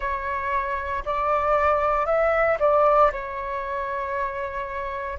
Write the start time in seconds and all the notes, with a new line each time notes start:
0.00 C#5
1.05 D5
2.05 E5
2.59 D5
3.12 C#5